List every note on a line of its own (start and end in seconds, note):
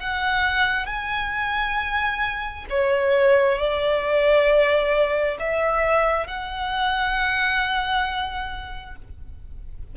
0.00 0.87 F#5
0.87 2.66 G#5
2.70 3.59 C#5
3.59 5.38 D5
5.40 6.28 E5
6.28 8.96 F#5